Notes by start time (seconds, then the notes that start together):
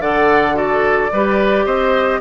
0.00 D3 A4 D5 F#5
0.54 F#4 A4 D5
1.13 G3 G4 B4
1.66 C4 C5 D#5